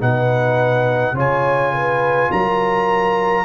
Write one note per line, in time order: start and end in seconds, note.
0.00 1.14 B2
0.00 1.15 D#4
0.00 1.15 B4
0.00 1.18 F#5
1.14 2.29 C#3
1.14 3.46 F4
1.14 1.73 C#5
1.14 2.32 G#5
1.73 2.31 B4
2.31 3.46 F#3
2.31 3.46 A#4
2.31 3.46 A#5